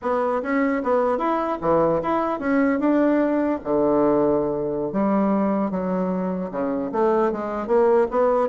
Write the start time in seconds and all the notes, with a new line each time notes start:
0.02 B3
0.42 C#4
0.83 B3
1.17 E4
1.61 E3
2.02 E4
2.39 C#4
2.79 D4
3.64 D3
4.92 G3
5.71 F#3
6.51 C#3
6.92 A3
7.31 G#3
7.67 A#3
8.11 B3